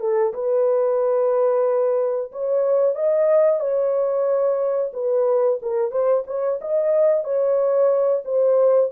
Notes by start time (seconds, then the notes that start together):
0.00 A4
0.34 B4
2.32 C#5
2.95 D#5
3.60 C#5
4.93 B4
5.62 A#4
5.91 C5
6.27 C#5
6.61 D#5
7.24 C#5
8.25 C5